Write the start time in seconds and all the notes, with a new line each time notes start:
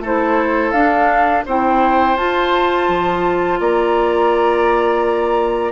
0.00 A3 E4 A4 C5
0.72 D4 F5
1.46 C4 E4 C5 G5
2.16 F4 A5
2.89 F3
3.60 A#3 D5 A#5